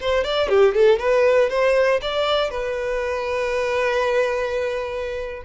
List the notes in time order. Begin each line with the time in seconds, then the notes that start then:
0.00 C5
0.24 D5
0.49 G4
0.74 A4
0.99 B4
1.49 C5
2.01 D5
2.50 B4